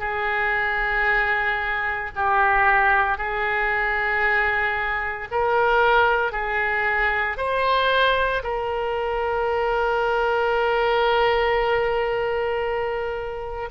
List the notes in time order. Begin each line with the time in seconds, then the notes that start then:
0.00 G#4
2.16 G4
3.18 G#4
5.32 A#4
6.33 G#4
7.37 C5
8.44 A#4